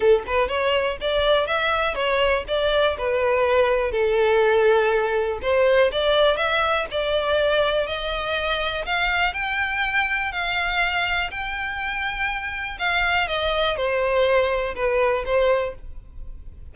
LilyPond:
\new Staff \with { instrumentName = "violin" } { \time 4/4 \tempo 4 = 122 a'8 b'8 cis''4 d''4 e''4 | cis''4 d''4 b'2 | a'2. c''4 | d''4 e''4 d''2 |
dis''2 f''4 g''4~ | g''4 f''2 g''4~ | g''2 f''4 dis''4 | c''2 b'4 c''4 | }